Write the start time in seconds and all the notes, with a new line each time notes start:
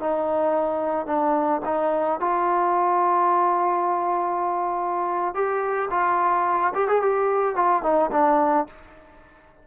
0.00 D#4
1.06 D4
1.65 D#4
2.20 F4
5.34 G4
5.91 F4
6.75 G4
6.88 G#4
7.02 G4
7.56 F4
7.83 D#4
8.12 D4